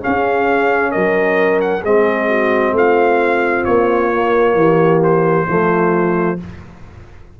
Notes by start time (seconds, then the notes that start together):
0.00 C#4 G#4 F5
0.07 C#4
0.91 F#3 A#4 D#5
1.61 F#5
1.81 G#3 C4 G#4 D#5
2.29 F#4
2.72 A3 F4 F5
3.65 A#3 C#5
4.12 A#3
4.55 E3 G4
5.03 C5
5.47 F3 A3 F4